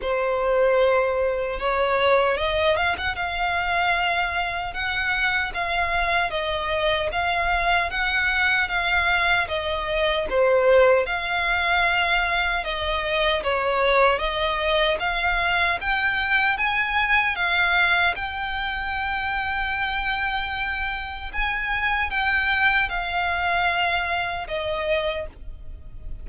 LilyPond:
\new Staff \with { instrumentName = "violin" } { \time 4/4 \tempo 4 = 76 c''2 cis''4 dis''8 f''16 fis''16 | f''2 fis''4 f''4 | dis''4 f''4 fis''4 f''4 | dis''4 c''4 f''2 |
dis''4 cis''4 dis''4 f''4 | g''4 gis''4 f''4 g''4~ | g''2. gis''4 | g''4 f''2 dis''4 | }